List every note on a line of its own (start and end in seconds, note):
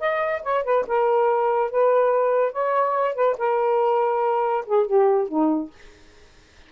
0.00 0.42 D#5
0.43 0.64 C#5
0.64 0.85 B4
0.87 1.71 A#4
1.71 2.52 B4
2.52 3.15 C#5
3.15 3.36 B4
3.38 4.65 A#4
4.66 4.87 G#4
4.87 5.28 G4
5.28 5.71 D#4